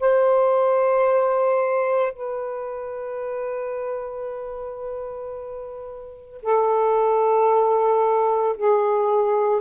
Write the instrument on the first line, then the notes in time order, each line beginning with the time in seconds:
saxophone
0.00 C5
2.13 B4
6.42 A4
8.57 G#4